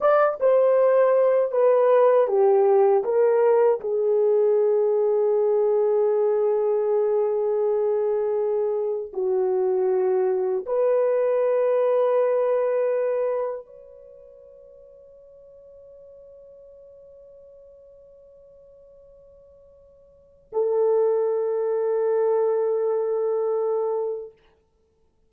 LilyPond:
\new Staff \with { instrumentName = "horn" } { \time 4/4 \tempo 4 = 79 d''8 c''4. b'4 g'4 | ais'4 gis'2.~ | gis'1 | fis'2 b'2~ |
b'2 cis''2~ | cis''1~ | cis''2. a'4~ | a'1 | }